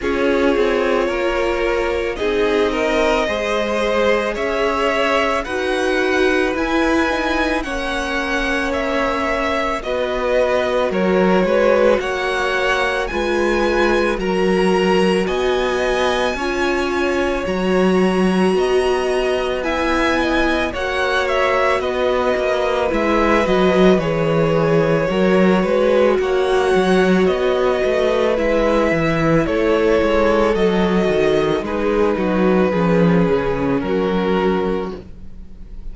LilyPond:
<<
  \new Staff \with { instrumentName = "violin" } { \time 4/4 \tempo 4 = 55 cis''2 dis''2 | e''4 fis''4 gis''4 fis''4 | e''4 dis''4 cis''4 fis''4 | gis''4 ais''4 gis''2 |
ais''2 gis''4 fis''8 e''8 | dis''4 e''8 dis''8 cis''2 | fis''4 dis''4 e''4 cis''4 | dis''4 b'2 ais'4 | }
  \new Staff \with { instrumentName = "violin" } { \time 4/4 gis'4 ais'4 gis'8 ais'8 c''4 | cis''4 b'2 cis''4~ | cis''4 b'4 ais'8 b'8 cis''4 | b'4 ais'4 dis''4 cis''4~ |
cis''4 dis''4 e''8 dis''8 cis''4 | b'2. ais'8 b'8 | cis''4. b'4. a'4~ | a'4 gis'8 fis'8 gis'4 fis'4 | }
  \new Staff \with { instrumentName = "viola" } { \time 4/4 f'2 dis'4 gis'4~ | gis'4 fis'4 e'8 dis'8 cis'4~ | cis'4 fis'2. | f'4 fis'2 f'4 |
fis'2 e'4 fis'4~ | fis'4 e'8 fis'8 gis'4 fis'4~ | fis'2 e'2 | fis'4 dis'4 cis'2 | }
  \new Staff \with { instrumentName = "cello" } { \time 4/4 cis'8 c'8 ais4 c'4 gis4 | cis'4 dis'4 e'4 ais4~ | ais4 b4 fis8 gis8 ais4 | gis4 fis4 b4 cis'4 |
fis4 b2 ais4 | b8 ais8 gis8 fis8 e4 fis8 gis8 | ais8 fis8 b8 a8 gis8 e8 a8 gis8 | fis8 dis8 gis8 fis8 f8 cis8 fis4 | }
>>